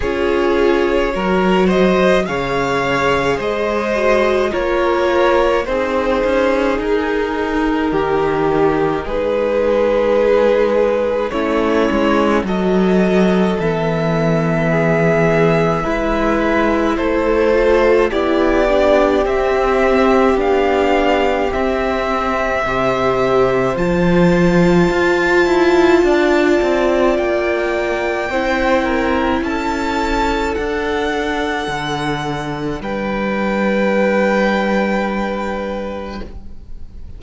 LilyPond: <<
  \new Staff \with { instrumentName = "violin" } { \time 4/4 \tempo 4 = 53 cis''4. dis''8 f''4 dis''4 | cis''4 c''4 ais'2 | b'2 cis''4 dis''4 | e''2. c''4 |
d''4 e''4 f''4 e''4~ | e''4 a''2. | g''2 a''4 fis''4~ | fis''4 g''2. | }
  \new Staff \with { instrumentName = "violin" } { \time 4/4 gis'4 ais'8 c''8 cis''4 c''4 | ais'4 gis'2 g'4 | gis'2 e'4 a'4~ | a'4 gis'4 b'4 a'4 |
g'1 | c''2. d''4~ | d''4 c''8 ais'8 a'2~ | a'4 b'2. | }
  \new Staff \with { instrumentName = "viola" } { \time 4/4 f'4 fis'4 gis'4. fis'8 | f'4 dis'2.~ | dis'2 cis'4 fis'4 | b2 e'4. f'8 |
e'8 d'8 c'4 d'4 c'4 | g'4 f'2.~ | f'4 e'2 d'4~ | d'1 | }
  \new Staff \with { instrumentName = "cello" } { \time 4/4 cis'4 fis4 cis4 gis4 | ais4 c'8 cis'8 dis'4 dis4 | gis2 a8 gis8 fis4 | e2 gis4 a4 |
b4 c'4 b4 c'4 | c4 f4 f'8 e'8 d'8 c'8 | ais4 c'4 cis'4 d'4 | d4 g2. | }
>>